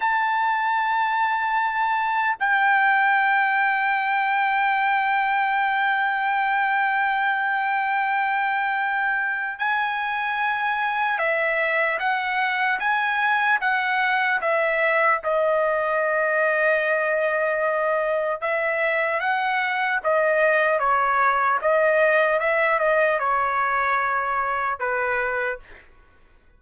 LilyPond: \new Staff \with { instrumentName = "trumpet" } { \time 4/4 \tempo 4 = 75 a''2. g''4~ | g''1~ | g''1 | gis''2 e''4 fis''4 |
gis''4 fis''4 e''4 dis''4~ | dis''2. e''4 | fis''4 dis''4 cis''4 dis''4 | e''8 dis''8 cis''2 b'4 | }